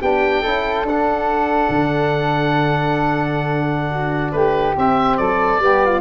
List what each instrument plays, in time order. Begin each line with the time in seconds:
0.00 tuba B3, trombone D4, flute G4, oboe G5
0.41 tuba C#4, trombone E4, flute A4
0.83 tuba D4, oboe F#5
0.89 trombone D4
1.69 tuba D3
3.90 flute F#4
4.32 tuba A3, flute G4, oboe B4
4.76 trombone C4, tuba C4, oboe E5
5.17 tuba F#3, flute A4, oboe D5
5.58 tuba G3, trombone B3, flute G4
5.85 flute F4